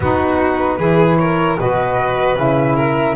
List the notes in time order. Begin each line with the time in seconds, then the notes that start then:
0.00 B3 D#4 F#4 B4
0.78 E3 E4 G#4
1.17 A#4 C#5
1.58 B2 F#4 B4 D#5
2.36 C#3 E4 E5
2.75 A#4